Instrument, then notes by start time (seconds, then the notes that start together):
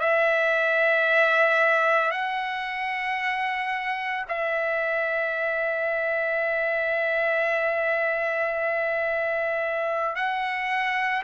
trumpet
0.00 E5
2.11 F#5
4.28 E5
10.15 F#5